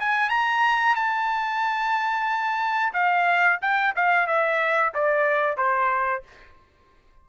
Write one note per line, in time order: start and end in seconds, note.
0.00 0.30 G#5
0.30 0.96 A#5
0.96 2.93 A5
2.94 3.60 F5
3.61 3.94 G5
3.96 4.27 F5
4.27 4.93 E5
4.94 5.57 D5
5.57 6.23 C5